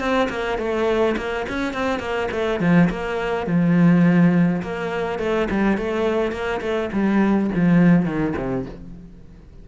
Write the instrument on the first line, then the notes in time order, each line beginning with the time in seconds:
cello
0.00 C4
0.30 A#3
0.58 A3
1.17 A#3
1.49 C#4
1.74 C4
2.00 A#3
2.32 A3
2.60 F3
2.90 A#3
3.47 F3
4.62 A#3
5.19 A3
5.51 G3
5.78 A3
6.32 A#3
6.61 A3
6.93 G3
7.56 F3
8.06 D#3
8.37 C3